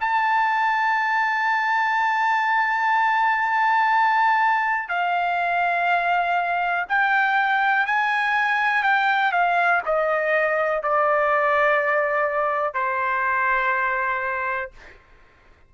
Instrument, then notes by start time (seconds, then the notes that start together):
trumpet
0.00 A5
4.88 F5
6.89 G5
7.86 G#5
8.83 G5
9.32 F5
9.85 D#5
10.82 D5
12.74 C5